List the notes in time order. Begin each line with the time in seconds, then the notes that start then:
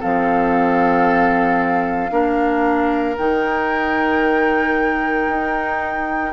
0.00 F3 C4 A4 F5
2.11 A#3 D4 A#4
3.18 D#3 D#4 G5
5.29 D#4